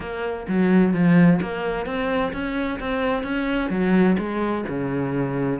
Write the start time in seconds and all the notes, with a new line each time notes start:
0.00 A#3
0.48 F#3
0.93 F3
1.41 A#3
1.85 C4
2.33 C#4
2.79 C4
3.23 C#4
3.70 F#3
4.18 G#3
4.68 C#3